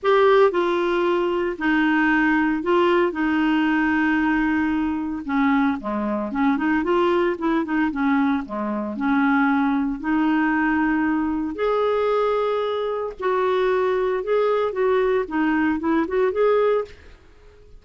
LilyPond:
\new Staff \with { instrumentName = "clarinet" } { \time 4/4 \tempo 4 = 114 g'4 f'2 dis'4~ | dis'4 f'4 dis'2~ | dis'2 cis'4 gis4 | cis'8 dis'8 f'4 e'8 dis'8 cis'4 |
gis4 cis'2 dis'4~ | dis'2 gis'2~ | gis'4 fis'2 gis'4 | fis'4 dis'4 e'8 fis'8 gis'4 | }